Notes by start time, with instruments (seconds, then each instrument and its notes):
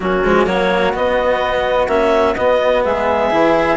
0.00 bassoon F#3, cello A#3, flute C#4, clarinet F#4
0.23 bassoon F3, cello G#3
0.46 bassoon F#3, cello A#3, flute F#4, clarinet C#5
0.93 cello B3, bassoon B3, clarinet D#5
1.87 bassoon A#3, cello C#4, clarinet E5
2.35 cello B3, bassoon B3, clarinet D#5
2.83 bassoon G#3, flute G#4, clarinet E5
3.30 bassoon E3, cello E4